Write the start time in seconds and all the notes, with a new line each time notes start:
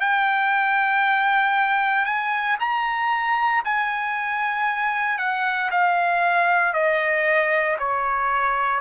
0.00 G5
2.05 G#5
2.60 A#5
3.64 G#5
5.18 F#5
5.71 F5
6.73 D#5
7.79 C#5